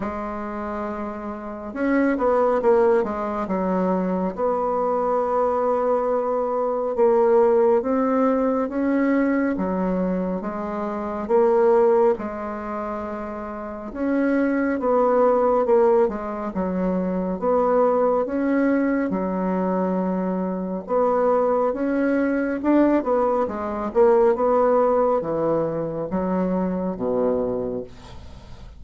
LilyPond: \new Staff \with { instrumentName = "bassoon" } { \time 4/4 \tempo 4 = 69 gis2 cis'8 b8 ais8 gis8 | fis4 b2. | ais4 c'4 cis'4 fis4 | gis4 ais4 gis2 |
cis'4 b4 ais8 gis8 fis4 | b4 cis'4 fis2 | b4 cis'4 d'8 b8 gis8 ais8 | b4 e4 fis4 b,4 | }